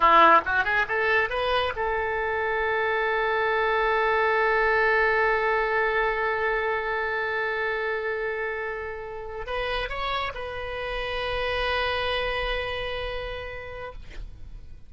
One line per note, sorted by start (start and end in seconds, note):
0.00 0.41 E4
0.45 0.64 F#4
0.64 0.86 G#4
0.88 1.29 A4
1.29 1.73 B4
1.75 9.46 A4
9.46 9.89 B4
9.89 10.32 C#5
10.34 13.92 B4